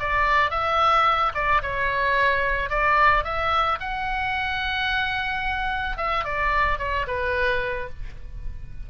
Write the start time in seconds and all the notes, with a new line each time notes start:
0.00 D5
0.51 E5
1.35 D5
1.63 C#5
2.70 D5
3.25 E5
3.81 F#5
5.98 E5
6.25 D5
6.79 C#5
7.08 B4